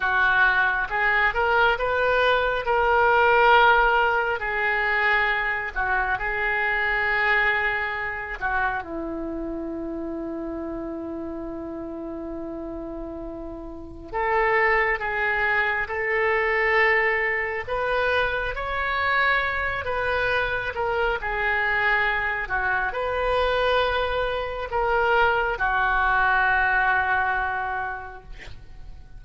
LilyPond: \new Staff \with { instrumentName = "oboe" } { \time 4/4 \tempo 4 = 68 fis'4 gis'8 ais'8 b'4 ais'4~ | ais'4 gis'4. fis'8 gis'4~ | gis'4. fis'8 e'2~ | e'1 |
a'4 gis'4 a'2 | b'4 cis''4. b'4 ais'8 | gis'4. fis'8 b'2 | ais'4 fis'2. | }